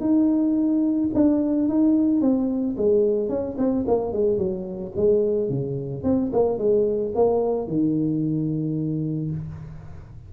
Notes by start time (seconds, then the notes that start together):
0.00 D#4
1.14 D4
1.68 D#4
2.21 C4
2.77 G#3
3.29 C#4
3.58 C4
3.87 A#3
4.13 G#3
4.38 F#3
4.96 G#3
5.49 C#3
6.03 C4
6.32 A#3
6.58 G#3
7.15 A#3
7.67 D#3